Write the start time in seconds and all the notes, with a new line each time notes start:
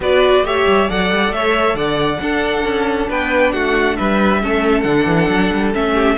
0.00 B3 F#4 B4 D5
0.43 A3 G4 C#5 E5
0.66 G3
0.88 F#3 A4 D5 F#5
1.11 G3
1.30 A3 C#5 E5
1.74 D3 D5 F#5
2.21 D4 A4
2.63 C#4
3.09 B3 B4 G5
3.52 A3 F#4 F#5
3.96 G3 B4 E5
4.42 A3 C#4 A4
4.81 D3 D4 F#5
5.06 E3
5.28 F#3
5.52 G3
5.73 A3 C#4 E5
5.93 G4